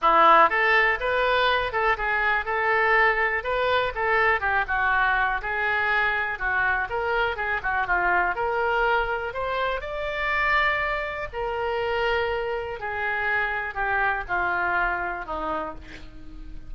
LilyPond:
\new Staff \with { instrumentName = "oboe" } { \time 4/4 \tempo 4 = 122 e'4 a'4 b'4. a'8 | gis'4 a'2 b'4 | a'4 g'8 fis'4. gis'4~ | gis'4 fis'4 ais'4 gis'8 fis'8 |
f'4 ais'2 c''4 | d''2. ais'4~ | ais'2 gis'2 | g'4 f'2 dis'4 | }